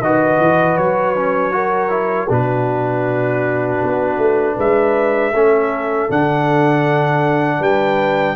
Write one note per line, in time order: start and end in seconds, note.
0.00 0.38 D#3
0.00 1.16 F#4
0.00 1.54 B4
0.00 0.77 D#5
0.39 0.77 E3
0.77 2.29 F#3
0.77 2.29 C#5
1.16 1.51 C#4
1.51 1.89 F#4
1.51 2.28 A#4
1.89 2.27 E4
2.28 3.81 B2
2.28 5.33 D4
2.28 4.56 F#4
2.28 4.59 B4
3.83 4.17 B3
4.17 4.55 A3
4.56 5.32 G#3
4.56 5.32 B4
4.56 6.11 E5
5.32 6.08 A3
5.32 6.09 C#4
5.32 7.59 A4
6.09 7.59 D3
6.09 8.35 D4
6.09 7.63 F#5
7.59 8.35 G3
7.59 8.35 B4
7.59 8.35 G5